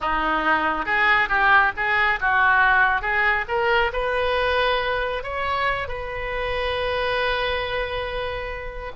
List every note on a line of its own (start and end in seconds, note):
0.01 0.85 D#4
0.85 1.28 G#4
1.28 1.72 G4
1.76 2.19 G#4
2.20 3.01 F#4
3.01 3.45 G#4
3.48 3.91 A#4
3.92 5.23 B4
5.23 5.87 C#5
5.87 8.92 B4